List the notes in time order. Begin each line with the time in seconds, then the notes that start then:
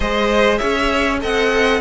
0.00 G#3 G#4 C5 D#5
0.58 C#4 C#5 E5
1.20 C4 A4 D#5 F#5